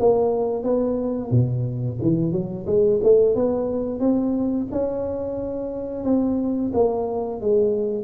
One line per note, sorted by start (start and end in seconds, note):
0.00 0.63 A#3
0.63 1.31 B3
1.31 1.99 B2
2.02 2.32 E3
2.32 2.66 F#3
2.67 3.01 G#3
3.03 3.36 A3
3.36 4.00 B3
4.00 4.67 C4
4.72 6.05 C#4
6.05 6.72 C4
6.74 7.42 A#3
7.42 8.04 G#3